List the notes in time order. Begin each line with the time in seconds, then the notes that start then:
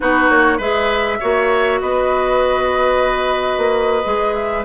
0.00 B3 D#4 F#4 B4
0.29 A#3 C#5
0.57 G#3 G#4 B4 E5
1.20 A#3 F#4 C#5
1.80 B3 B4 D#5
3.57 A#3
4.04 G#3 G#4
4.34 E5